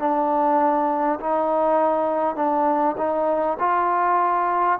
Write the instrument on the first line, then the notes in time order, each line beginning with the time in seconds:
trombone
0.00 D4
1.21 D#4
2.36 D4
2.98 D#4
3.60 F4